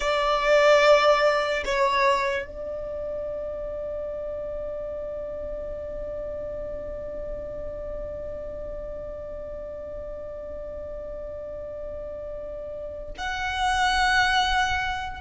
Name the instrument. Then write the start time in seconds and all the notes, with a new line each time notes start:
violin
0.00 D5
1.64 C#5
2.45 D5
13.17 F#5